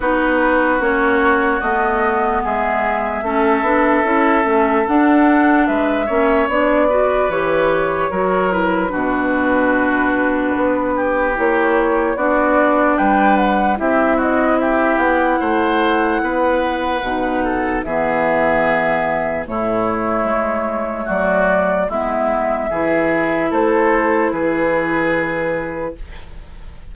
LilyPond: <<
  \new Staff \with { instrumentName = "flute" } { \time 4/4 \tempo 4 = 74 b'4 cis''4 dis''4 e''4~ | e''2 fis''4 e''4 | d''4 cis''4. b'4.~ | b'2 cis''4 d''4 |
g''8 fis''8 e''8 dis''8 e''8 fis''4.~ | fis''2 e''2 | cis''2 d''4 e''4~ | e''4 c''4 b'2 | }
  \new Staff \with { instrumentName = "oboe" } { \time 4/4 fis'2. gis'4 | a'2. b'8 cis''8~ | cis''8 b'4. ais'4 fis'4~ | fis'4. g'4. fis'4 |
b'4 g'8 fis'8 g'4 c''4 | b'4. a'8 gis'2 | e'2 fis'4 e'4 | gis'4 a'4 gis'2 | }
  \new Staff \with { instrumentName = "clarinet" } { \time 4/4 dis'4 cis'4 b2 | cis'8 d'8 e'8 cis'8 d'4. cis'8 | d'8 fis'8 g'4 fis'8 e'8 d'4~ | d'2 e'4 d'4~ |
d'4 e'2.~ | e'4 dis'4 b2 | a2. b4 | e'1 | }
  \new Staff \with { instrumentName = "bassoon" } { \time 4/4 b4 ais4 a4 gis4 | a8 b8 cis'8 a8 d'4 gis8 ais8 | b4 e4 fis4 b,4~ | b,4 b4 ais4 b4 |
g4 c'4. b8 a4 | b4 b,4 e2 | a,4 gis4 fis4 gis4 | e4 a4 e2 | }
>>